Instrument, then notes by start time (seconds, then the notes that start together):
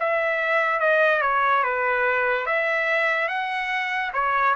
trumpet
0.00 E5
0.80 D#5
1.22 C#5
1.64 B4
2.47 E5
3.28 F#5
4.14 C#5